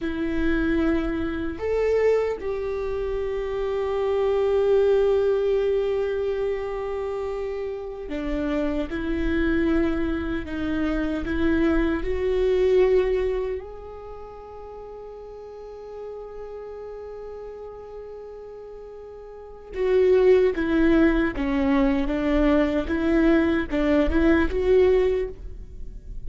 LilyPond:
\new Staff \with { instrumentName = "viola" } { \time 4/4 \tempo 4 = 76 e'2 a'4 g'4~ | g'1~ | g'2~ g'16 d'4 e'8.~ | e'4~ e'16 dis'4 e'4 fis'8.~ |
fis'4~ fis'16 gis'2~ gis'8.~ | gis'1~ | gis'4 fis'4 e'4 cis'4 | d'4 e'4 d'8 e'8 fis'4 | }